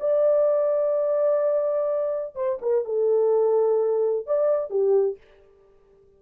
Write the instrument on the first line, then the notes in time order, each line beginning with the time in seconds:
horn
0.00 D5
2.35 C5
2.61 A#4
2.85 A4
4.26 D5
4.70 G4